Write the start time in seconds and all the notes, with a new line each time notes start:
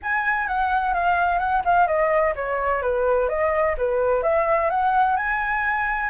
0.02 G#5
0.47 F#5
0.94 F5
1.38 F#5
1.64 F5
1.87 D#5
2.35 C#5
2.81 B4
3.29 D#5
3.77 B4
4.23 E5
4.69 F#5
5.16 G#5